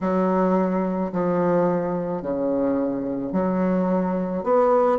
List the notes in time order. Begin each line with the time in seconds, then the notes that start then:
0.01 F#3
1.12 F3
2.22 C#3
3.32 F#3
4.43 B3